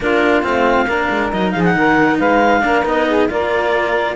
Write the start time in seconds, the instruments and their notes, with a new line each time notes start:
0.00 cello A#3 D4, saxophone F4, clarinet A#4
0.42 cello A3 C4, clarinet F5
0.86 cello A#3 D4, saxophone A#4
1.10 cello G#3
1.32 cello F#3 D#4, clarinet D#5
1.51 cello F3, saxophone G#4, clarinet F5
1.64 clarinet F#5
1.75 cello D#3, saxophone A#4
2.18 cello G#3, saxophone B4, clarinet F5
2.61 cello A#3 D4, saxophone A#4
2.84 cello B3 D#4, clarinet D#5
3.08 saxophone G#4
3.28 cello A#3 F4, saxophone A#4, clarinet D5